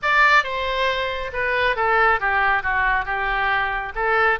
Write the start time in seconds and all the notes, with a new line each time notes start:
0.02 D5
0.43 C5
1.33 B4
1.76 A4
2.20 G4
2.62 F#4
3.05 G4
3.95 A4